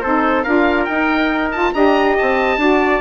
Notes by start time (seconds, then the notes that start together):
0.00 C4 D#4 A4 C5
0.43 D4 F4 A#4 F5
0.85 D#4 G5
1.52 F4 A5
1.73 D4 G4 D#5 A#5
2.18 C4 A5
2.57 D4 F#4 D5